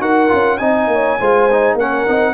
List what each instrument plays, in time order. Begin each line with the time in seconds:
0.00 tuba D#4, trombone F#4, horn A#4, trumpet F#5
0.29 tuba C#4, trombone F4
0.58 tuba C4, trombone D#4, horn D#5, trumpet G#5
0.87 tuba A#3, horn C#5
1.20 tuba G#3, trombone F4, horn C5
1.51 trombone D#4
1.75 tuba A#3, trombone C#4, horn A#4, trumpet F#5
2.07 tuba C4, trombone D#4